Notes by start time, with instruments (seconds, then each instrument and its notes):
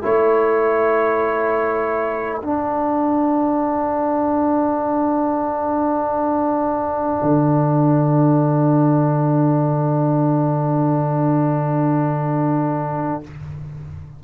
0.00 tuba A3, trombone E4, horn A4, trumpet C#5
2.40 tuba D4, trombone D4, trumpet F#5
7.21 tuba D3